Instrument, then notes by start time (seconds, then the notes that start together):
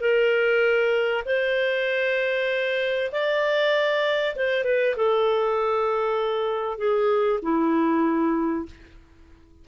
clarinet
0.00 A#4
1.25 C5
3.12 D5
4.36 C5
4.64 B4
4.96 A4
6.78 G#4
7.42 E4